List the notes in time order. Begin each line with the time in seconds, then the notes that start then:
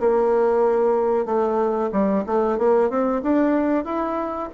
0.00 A#3
1.26 A3
1.92 G3
2.27 A3
2.59 A#3
2.90 C4
3.23 D4
3.85 E4